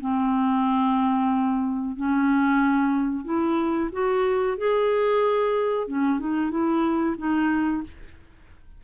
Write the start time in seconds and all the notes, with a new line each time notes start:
0.00 C4
1.96 C#4
3.24 E4
3.92 F#4
4.57 G#4
5.87 C#4
6.19 D#4
6.50 E4
7.17 D#4